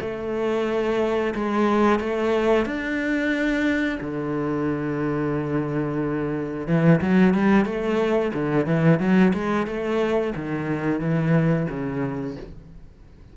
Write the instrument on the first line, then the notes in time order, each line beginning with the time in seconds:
cello
0.00 A3
1.35 G#3
1.99 A3
2.65 D4
4.00 D3
6.67 E3
7.01 F#3
7.34 G3
7.65 A3
8.34 D3
8.66 E3
8.99 F#3
9.33 G#3
9.66 A3
10.35 D#3
11.00 E3
11.69 C#3